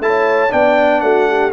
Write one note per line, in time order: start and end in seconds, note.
0.00 0.51 A3
0.00 0.49 E4
0.00 0.53 A5
0.07 0.54 C#5
0.49 1.02 B3
0.49 1.51 D4
0.49 1.04 D5
0.49 1.01 G5
1.01 1.53 A3
1.01 1.29 F#4
1.01 1.52 F#5
1.29 1.53 G4